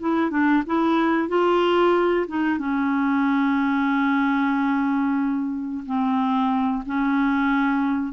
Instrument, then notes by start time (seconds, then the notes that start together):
clarinet
0.00 E4
0.31 D4
0.67 E4
1.29 F4
2.28 D#4
2.59 C#4
5.86 C4
6.86 C#4